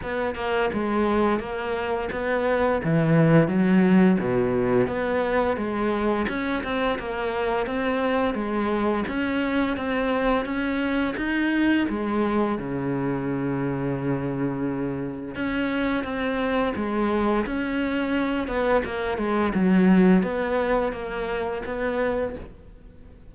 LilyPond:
\new Staff \with { instrumentName = "cello" } { \time 4/4 \tempo 4 = 86 b8 ais8 gis4 ais4 b4 | e4 fis4 b,4 b4 | gis4 cis'8 c'8 ais4 c'4 | gis4 cis'4 c'4 cis'4 |
dis'4 gis4 cis2~ | cis2 cis'4 c'4 | gis4 cis'4. b8 ais8 gis8 | fis4 b4 ais4 b4 | }